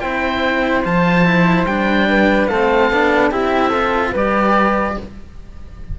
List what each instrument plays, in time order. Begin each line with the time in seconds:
0.00 cello C4 E4, flute C5, oboe G5
0.85 cello F3 F4, oboe A5
1.25 cello E4
1.64 cello G3 D4, oboe G5
2.08 flute B4
2.47 cello A3 C4, flute A4, oboe F5
2.90 cello B3 D4
3.31 cello C4 E4, flute G4, oboe E5
3.69 cello F4, flute A4
4.12 cello G3 G4, flute B4, oboe D5